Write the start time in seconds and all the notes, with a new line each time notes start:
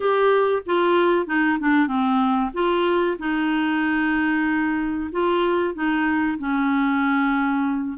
0.00 G4
0.66 F4
1.26 D#4
1.59 D4
1.87 C4
2.53 F4
3.19 D#4
5.11 F4
5.74 D#4
6.38 C#4